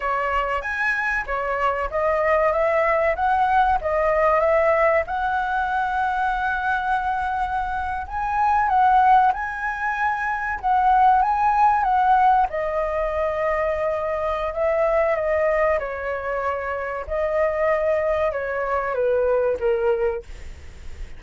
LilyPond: \new Staff \with { instrumentName = "flute" } { \time 4/4 \tempo 4 = 95 cis''4 gis''4 cis''4 dis''4 | e''4 fis''4 dis''4 e''4 | fis''1~ | fis''8. gis''4 fis''4 gis''4~ gis''16~ |
gis''8. fis''4 gis''4 fis''4 dis''16~ | dis''2. e''4 | dis''4 cis''2 dis''4~ | dis''4 cis''4 b'4 ais'4 | }